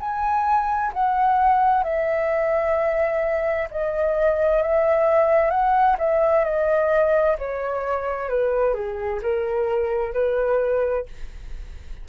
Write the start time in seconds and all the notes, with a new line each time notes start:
0.00 G#5
0.94 F#5
1.84 E5
3.71 D#5
4.62 E5
5.50 F#5
5.99 E5
6.44 D#5
7.39 C#5
8.30 B4
8.74 G#4
9.22 A#4
10.13 B4